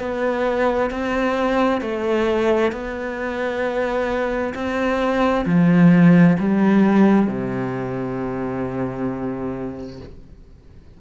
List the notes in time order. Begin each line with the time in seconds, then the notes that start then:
0.00 B3
0.91 C4
1.82 A3
2.72 B3
4.55 C4
5.46 F3
6.40 G3
7.28 C3